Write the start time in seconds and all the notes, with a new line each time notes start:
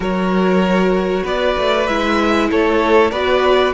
0.00 F#3 F#4 A#4 C#5
1.23 B3 B4 D5
1.57 A3
1.87 G#3 E4 E5
2.50 A3 A4 C#5
3.10 B3 F#4 B4 D5